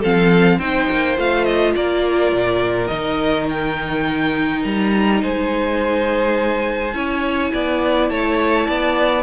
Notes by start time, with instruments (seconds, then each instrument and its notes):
0.00 cello F3, viola C4, violin A4 F5
0.58 cello C4, viola D#4, violin C5 G5
0.91 cello A#3
1.17 cello A3, viola F4, violin F5
1.45 violin D#5
1.75 cello A#3, violin A#4 D5
2.32 cello A#2
2.87 cello D#3, viola D#4, violin D#5
3.50 violin G5
4.64 cello G3, violin A#5
5.22 cello G#3, violin C5 G#5
6.93 cello C#4, viola E4, violin C#5
7.54 cello B3, violin D5
8.09 cello A3, violin C#5 A5
8.66 cello B3, violin D5